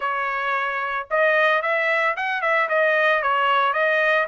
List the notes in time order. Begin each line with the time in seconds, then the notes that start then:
0.00 C#5
1.10 D#5
1.62 E5
2.16 F#5
2.41 E5
2.69 D#5
3.22 C#5
3.73 D#5